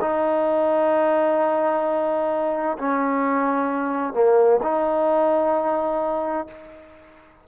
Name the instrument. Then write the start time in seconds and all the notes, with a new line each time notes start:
trombone
0.00 D#4
2.78 C#4
4.13 A#3
4.62 D#4